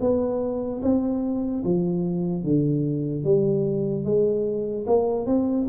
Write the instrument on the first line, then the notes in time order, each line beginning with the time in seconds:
tuba
0.00 B3
0.82 C4
1.64 F3
2.43 D3
3.24 G3
4.04 G#3
4.86 A#3
5.26 C4